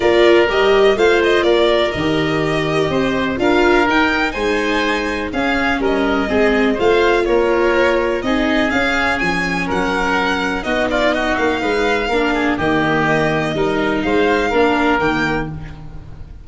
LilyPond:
<<
  \new Staff \with { instrumentName = "violin" } { \time 4/4 \tempo 4 = 124 d''4 dis''4 f''8 dis''8 d''4 | dis''2. f''4 | g''4 gis''2 f''4 | dis''2 f''4 cis''4~ |
cis''4 dis''4 f''4 gis''4 | fis''2 dis''8 d''8 dis''8 f''8~ | f''2 dis''2~ | dis''4 f''2 g''4 | }
  \new Staff \with { instrumentName = "oboe" } { \time 4/4 ais'2 c''4 ais'4~ | ais'2 c''4 ais'4~ | ais'4 c''2 gis'4 | ais'4 gis'4 c''4 ais'4~ |
ais'4 gis'2. | ais'2 fis'8 f'8 fis'4 | b'4 ais'8 gis'8 g'2 | ais'4 c''4 ais'2 | }
  \new Staff \with { instrumentName = "viola" } { \time 4/4 f'4 g'4 f'2 | g'2. f'4 | dis'2. cis'4~ | cis'4 c'4 f'2~ |
f'4 dis'4 cis'2~ | cis'2 dis'2~ | dis'4 d'4 ais2 | dis'2 d'4 ais4 | }
  \new Staff \with { instrumentName = "tuba" } { \time 4/4 ais4 g4 a4 ais4 | dis2 c'4 d'4 | dis'4 gis2 cis'4 | g4 gis4 a4 ais4~ |
ais4 c'4 cis'4 f4 | fis2 b4. ais8 | gis4 ais4 dis2 | g4 gis4 ais4 dis4 | }
>>